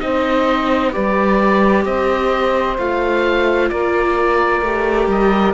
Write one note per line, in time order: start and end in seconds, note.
0.00 0.95 C4
0.00 0.92 D#4
0.00 0.93 C5
0.00 0.92 D#5
0.92 1.85 G3
0.92 2.77 G4
0.92 1.85 B4
0.92 1.85 D5
1.85 2.77 C4
1.85 3.71 C5
1.85 2.78 D#5
2.78 3.71 A3
2.78 4.64 F4
2.78 3.70 F5
3.70 4.62 A#3
3.70 5.54 A#4
3.70 5.08 D5
4.62 5.07 A3
4.62 5.54 G4
5.07 5.53 G3
5.07 5.54 D#5